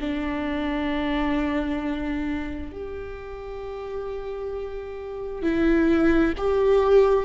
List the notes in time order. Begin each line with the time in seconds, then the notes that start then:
0.00 D4
2.72 G4
5.42 E4
6.37 G4